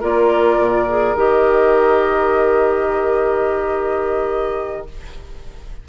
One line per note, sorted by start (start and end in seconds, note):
0.00 0.58 A#3
0.00 0.87 F4
0.00 4.86 A#4
0.00 1.16 D5
0.58 1.15 A#2
0.88 1.17 G#4
1.16 4.87 D#3
1.16 4.88 G4
1.16 4.87 D#5